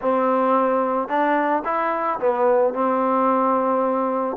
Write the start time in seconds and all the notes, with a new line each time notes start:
0.01 C4
1.08 D4
1.64 E4
2.19 B3
2.73 C4